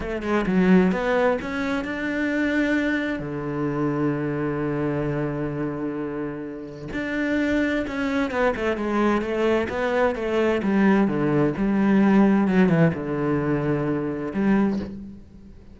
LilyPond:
\new Staff \with { instrumentName = "cello" } { \time 4/4 \tempo 4 = 130 a8 gis8 fis4 b4 cis'4 | d'2. d4~ | d1~ | d2. d'4~ |
d'4 cis'4 b8 a8 gis4 | a4 b4 a4 g4 | d4 g2 fis8 e8 | d2. g4 | }